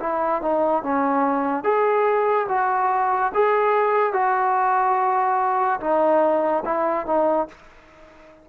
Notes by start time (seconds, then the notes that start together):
0.00 E4
0.42 D#4
0.83 C#4
1.64 G#4
2.49 F#4
3.34 G#4
4.13 F#4
5.80 D#4
6.65 E4
7.06 D#4